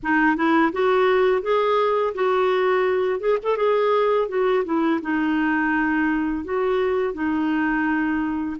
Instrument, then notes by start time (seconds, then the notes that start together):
clarinet
0.02 D#4
0.36 E4
0.72 F#4
1.42 G#4
2.14 F#4
3.19 G#4
3.42 A4
3.56 G#4
4.28 F#4
4.64 E4
5.01 D#4
6.44 F#4
7.13 D#4